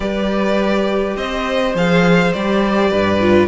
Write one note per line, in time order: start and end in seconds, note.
0.00 1.15 G3
0.00 1.74 G4
0.00 1.16 B4
0.00 1.16 D5
1.16 1.74 C4
1.16 2.90 C5
1.16 1.75 D#5
1.74 2.32 F3
1.74 2.34 G#4
1.74 2.32 F5
2.32 2.92 G3
2.32 3.21 G4
2.32 3.48 D5
2.90 3.48 G2
2.90 3.48 B4
3.21 3.48 F4